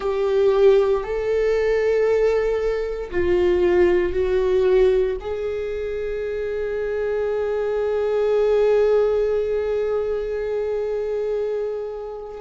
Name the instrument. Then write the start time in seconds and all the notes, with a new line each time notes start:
viola
0.00 G4
1.03 A4
3.10 F4
4.12 F#4
5.20 G#4